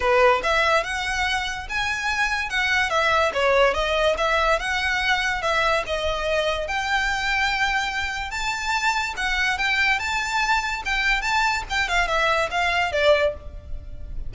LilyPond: \new Staff \with { instrumentName = "violin" } { \time 4/4 \tempo 4 = 144 b'4 e''4 fis''2 | gis''2 fis''4 e''4 | cis''4 dis''4 e''4 fis''4~ | fis''4 e''4 dis''2 |
g''1 | a''2 fis''4 g''4 | a''2 g''4 a''4 | g''8 f''8 e''4 f''4 d''4 | }